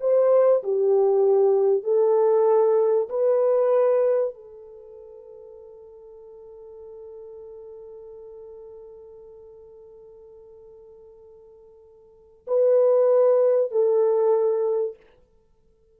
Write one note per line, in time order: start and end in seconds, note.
0.00 0.62 C5
0.63 1.83 G4
1.83 3.08 A4
3.09 4.34 B4
4.34 12.46 A4
12.47 13.71 B4
13.71 14.96 A4